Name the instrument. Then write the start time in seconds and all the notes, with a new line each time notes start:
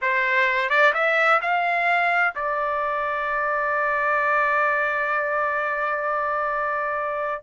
trumpet
0.01 C5
0.69 D5
0.93 E5
1.41 F5
2.35 D5